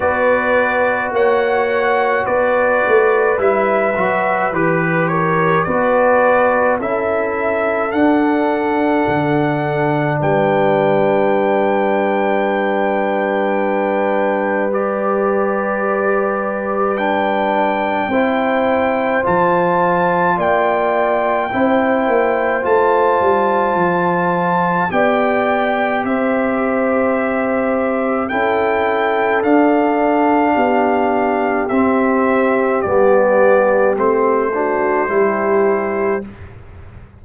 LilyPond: <<
  \new Staff \with { instrumentName = "trumpet" } { \time 4/4 \tempo 4 = 53 d''4 fis''4 d''4 e''4 | b'8 cis''8 d''4 e''4 fis''4~ | fis''4 g''2.~ | g''4 d''2 g''4~ |
g''4 a''4 g''2 | a''2 g''4 e''4~ | e''4 g''4 f''2 | e''4 d''4 c''2 | }
  \new Staff \with { instrumentName = "horn" } { \time 4/4 b'4 cis''4 b'2~ | b'8 ais'8 b'4 a'2~ | a'4 b'2.~ | b'1 |
c''2 d''4 c''4~ | c''2 d''4 c''4~ | c''4 a'2 g'4~ | g'2~ g'8 fis'8 g'4 | }
  \new Staff \with { instrumentName = "trombone" } { \time 4/4 fis'2. e'8 fis'8 | g'4 fis'4 e'4 d'4~ | d'1~ | d'4 g'2 d'4 |
e'4 f'2 e'4 | f'2 g'2~ | g'4 e'4 d'2 | c'4 b4 c'8 d'8 e'4 | }
  \new Staff \with { instrumentName = "tuba" } { \time 4/4 b4 ais4 b8 a8 g8 fis8 | e4 b4 cis'4 d'4 | d4 g2.~ | g1 |
c'4 f4 ais4 c'8 ais8 | a8 g8 f4 b4 c'4~ | c'4 cis'4 d'4 b4 | c'4 g4 a4 g4 | }
>>